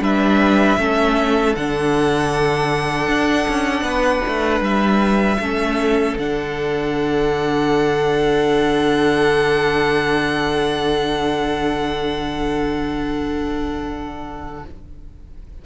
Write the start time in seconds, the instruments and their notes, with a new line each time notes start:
0.00 cello G3, viola D4, violin B4 E5
0.78 cello A3, viola C#4, violin A4
1.55 cello D3, viola D4, violin F#5
3.08 cello D4
3.48 cello C#4
3.81 cello B3, violin B4
4.27 cello A3
4.60 cello G3, violin E5
5.39 cello A3, viola C#4, violin A4
6.18 cello D3, viola D4, violin F#5